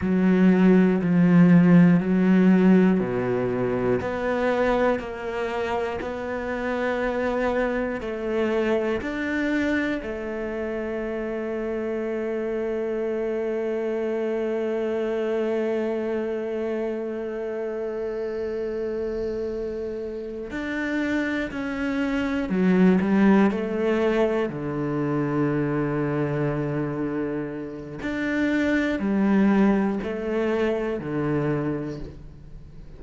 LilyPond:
\new Staff \with { instrumentName = "cello" } { \time 4/4 \tempo 4 = 60 fis4 f4 fis4 b,4 | b4 ais4 b2 | a4 d'4 a2~ | a1~ |
a1~ | a8 d'4 cis'4 fis8 g8 a8~ | a8 d2.~ d8 | d'4 g4 a4 d4 | }